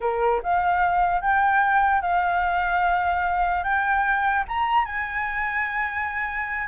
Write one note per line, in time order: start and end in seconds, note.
0.01 0.41 A#4
0.43 1.21 F5
1.21 2.01 G5
2.01 3.63 F5
3.63 4.44 G5
4.47 4.85 A#5
4.85 6.67 G#5